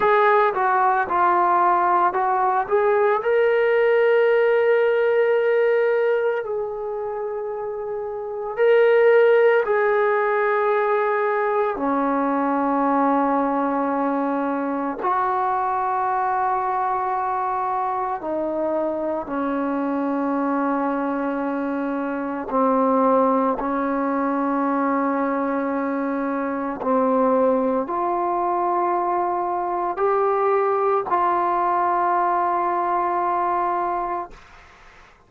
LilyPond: \new Staff \with { instrumentName = "trombone" } { \time 4/4 \tempo 4 = 56 gis'8 fis'8 f'4 fis'8 gis'8 ais'4~ | ais'2 gis'2 | ais'4 gis'2 cis'4~ | cis'2 fis'2~ |
fis'4 dis'4 cis'2~ | cis'4 c'4 cis'2~ | cis'4 c'4 f'2 | g'4 f'2. | }